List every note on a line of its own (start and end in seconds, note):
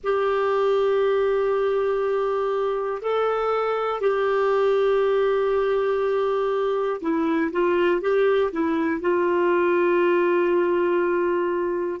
0.03 3.01 G4
3.01 4.00 A4
4.00 7.00 G4
7.00 7.50 E4
7.52 8.01 F4
8.01 8.51 G4
8.51 9.00 E4
9.00 12.00 F4